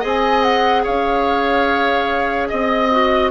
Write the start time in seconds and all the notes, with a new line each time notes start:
0.00 C4 G#4 D#5
0.08 G#5
0.43 F#5
0.84 C#4 C#5 F5
2.48 C4 D#5
2.91 F#4